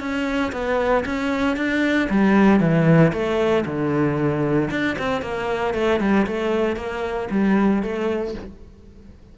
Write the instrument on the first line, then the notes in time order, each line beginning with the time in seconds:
cello
0.00 C#4
0.52 B3
1.06 C#4
1.57 D4
2.10 G3
2.60 E3
3.13 A3
3.66 D3
4.71 D4
4.99 C4
5.22 A#3
5.75 A3
6.00 G3
6.27 A3
6.77 A#3
7.31 G3
7.83 A3